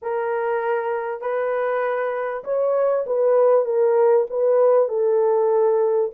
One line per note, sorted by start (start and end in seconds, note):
0.01 1.21 A#4
1.21 2.43 B4
2.44 3.05 C#5
3.06 3.65 B4
3.65 4.26 A#4
4.30 4.88 B4
4.88 6.11 A4